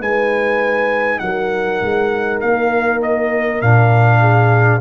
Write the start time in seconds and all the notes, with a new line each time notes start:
0.00 G#3 D#4 B4 G#5
1.19 F#3 A#4 F#5
1.82 G#3
2.41 A#3 F5
3.02 D#5
3.62 A#2 D4 F5
4.21 G#4